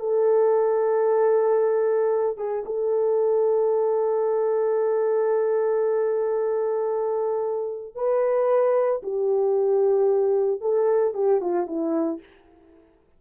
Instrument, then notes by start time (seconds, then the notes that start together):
horn
0.00 A4
2.37 G#4
2.66 A4
7.95 B4
9.03 G4
10.61 A4
11.14 G4
11.41 F4
11.67 E4